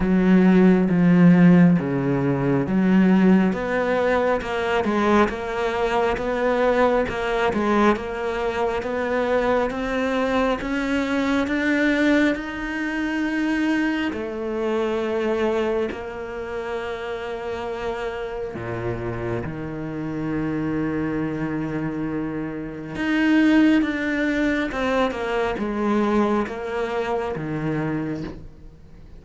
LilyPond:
\new Staff \with { instrumentName = "cello" } { \time 4/4 \tempo 4 = 68 fis4 f4 cis4 fis4 | b4 ais8 gis8 ais4 b4 | ais8 gis8 ais4 b4 c'4 | cis'4 d'4 dis'2 |
a2 ais2~ | ais4 ais,4 dis2~ | dis2 dis'4 d'4 | c'8 ais8 gis4 ais4 dis4 | }